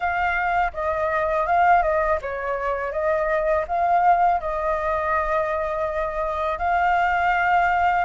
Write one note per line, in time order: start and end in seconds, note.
0.00 0.72 F5
0.73 1.46 D#5
1.46 1.82 F5
1.82 2.19 D#5
2.21 2.92 C#5
2.92 3.65 D#5
3.68 4.40 F5
4.40 6.58 D#5
6.58 8.05 F5